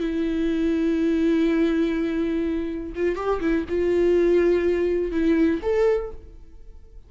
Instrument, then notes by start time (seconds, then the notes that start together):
viola
0.00 E4
2.95 F4
3.16 G4
3.41 E4
3.69 F4
5.12 E4
5.63 A4